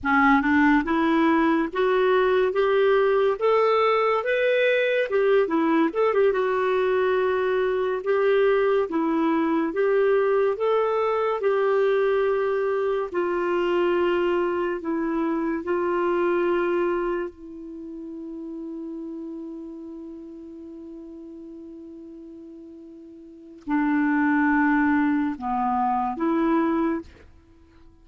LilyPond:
\new Staff \with { instrumentName = "clarinet" } { \time 4/4 \tempo 4 = 71 cis'8 d'8 e'4 fis'4 g'4 | a'4 b'4 g'8 e'8 a'16 g'16 fis'8~ | fis'4. g'4 e'4 g'8~ | g'8 a'4 g'2 f'8~ |
f'4. e'4 f'4.~ | f'8 e'2.~ e'8~ | e'1 | d'2 b4 e'4 | }